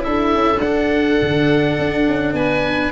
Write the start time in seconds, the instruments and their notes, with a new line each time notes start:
0.00 cello E4, oboe E5
0.06 tuba D4, viola A4
0.35 tuba C#4
0.60 tuba D4, cello D4, oboe F#5
1.22 tuba D3
1.79 tuba D4
2.08 tuba C#4
2.33 tuba B3, viola B4, oboe G#5